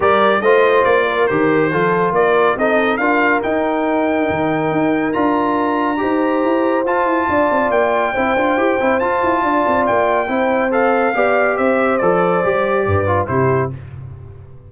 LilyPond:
<<
  \new Staff \with { instrumentName = "trumpet" } { \time 4/4 \tempo 4 = 140 d''4 dis''4 d''4 c''4~ | c''4 d''4 dis''4 f''4 | g''1 | ais''1 |
a''2 g''2~ | g''4 a''2 g''4~ | g''4 f''2 e''4 | d''2. c''4 | }
  \new Staff \with { instrumentName = "horn" } { \time 4/4 ais'4 c''4. ais'4. | a'4 ais'4 a'4 ais'4~ | ais'1~ | ais'2 c''2~ |
c''4 d''2 c''4~ | c''2 d''2 | c''2 d''4 c''4~ | c''2 b'4 g'4 | }
  \new Staff \with { instrumentName = "trombone" } { \time 4/4 g'4 f'2 g'4 | f'2 dis'4 f'4 | dis'1 | f'2 g'2 |
f'2. e'8 f'8 | g'8 e'8 f'2. | e'4 a'4 g'2 | a'4 g'4. f'8 e'4 | }
  \new Staff \with { instrumentName = "tuba" } { \time 4/4 g4 a4 ais4 dis4 | f4 ais4 c'4 d'4 | dis'2 dis4 dis'4 | d'2 dis'4 e'4 |
f'8 e'8 d'8 c'8 ais4 c'8 d'8 | e'8 c'8 f'8 e'8 d'8 c'8 ais4 | c'2 b4 c'4 | f4 g4 g,4 c4 | }
>>